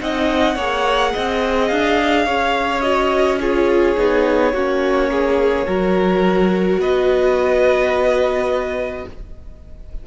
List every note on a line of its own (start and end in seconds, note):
0.00 0.56 C4
0.00 0.57 D#4
0.00 0.56 D#5
0.00 1.68 F#5
0.56 1.13 A#3
0.56 2.83 G#4
0.56 1.12 C#5
1.13 1.71 C4
1.13 2.26 D#5
1.68 2.26 D4
1.68 2.81 F5
2.26 3.96 C#4
2.26 3.39 C#5
2.81 3.39 F#4
2.81 3.38 D#5
3.41 3.97 F4
3.41 4.54 G#4
3.41 6.81 C#5
3.97 4.54 B3
3.97 4.54 D#4
4.54 5.67 A#3
4.54 5.67 C#4
4.54 5.10 F#4
5.11 5.67 G#4
5.67 6.78 F#3
5.67 9.06 F#4
5.67 6.80 A#4
6.78 9.04 B3
6.78 9.06 B4
6.78 9.07 D#5